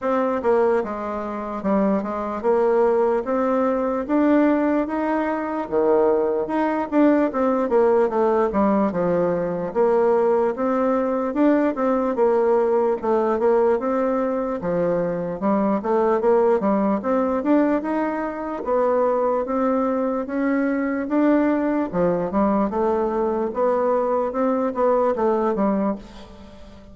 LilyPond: \new Staff \with { instrumentName = "bassoon" } { \time 4/4 \tempo 4 = 74 c'8 ais8 gis4 g8 gis8 ais4 | c'4 d'4 dis'4 dis4 | dis'8 d'8 c'8 ais8 a8 g8 f4 | ais4 c'4 d'8 c'8 ais4 |
a8 ais8 c'4 f4 g8 a8 | ais8 g8 c'8 d'8 dis'4 b4 | c'4 cis'4 d'4 f8 g8 | a4 b4 c'8 b8 a8 g8 | }